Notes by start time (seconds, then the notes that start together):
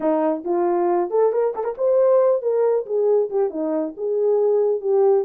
0.00 D#4
0.44 F4
1.10 A4
1.32 A#4
1.55 A4
1.63 A#4
1.77 C5
2.41 A#4
2.86 G#4
3.30 G4
3.49 D#4
3.96 G#4
4.81 G4